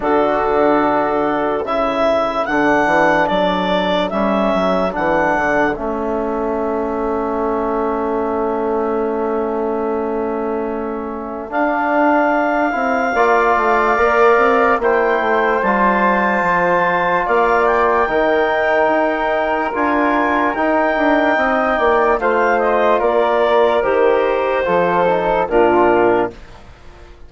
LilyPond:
<<
  \new Staff \with { instrumentName = "clarinet" } { \time 4/4 \tempo 4 = 73 a'2 e''4 fis''4 | d''4 e''4 fis''4 e''4~ | e''1~ | e''2 f''2~ |
f''2 g''4 a''4~ | a''4 f''8 g''2~ g''8 | gis''4 g''2 f''8 dis''8 | d''4 c''2 ais'4 | }
  \new Staff \with { instrumentName = "flute" } { \time 4/4 fis'2 a'2~ | a'1~ | a'1~ | a'1 |
d''2 c''2~ | c''4 d''4 ais'2~ | ais'2 dis''8 d''8 c''4 | ais'2 a'4 f'4 | }
  \new Staff \with { instrumentName = "trombone" } { \time 4/4 d'2 e'4 d'4~ | d'4 cis'4 d'4 cis'4~ | cis'1~ | cis'2 d'4. e'8 |
f'4 ais'4 e'4 f'4~ | f'2 dis'2 | f'4 dis'2 f'4~ | f'4 g'4 f'8 dis'8 d'4 | }
  \new Staff \with { instrumentName = "bassoon" } { \time 4/4 d2 cis4 d8 e8 | fis4 g8 fis8 e8 d8 a4~ | a1~ | a2 d'4. c'8 |
ais8 a8 ais8 c'8 ais8 a8 g4 | f4 ais4 dis4 dis'4 | d'4 dis'8 d'8 c'8 ais8 a4 | ais4 dis4 f4 ais,4 | }
>>